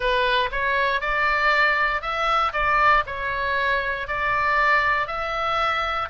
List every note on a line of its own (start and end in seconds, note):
0.00 0.49 B4
0.51 1.00 C#5
1.00 2.01 D5
2.01 2.52 E5
2.52 3.03 D5
3.06 4.07 C#5
4.07 5.07 D5
5.07 6.08 E5